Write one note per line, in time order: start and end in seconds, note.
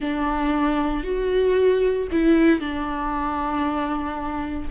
0.00 1.03 D4
1.03 2.07 F#4
2.11 2.60 E4
2.60 4.68 D4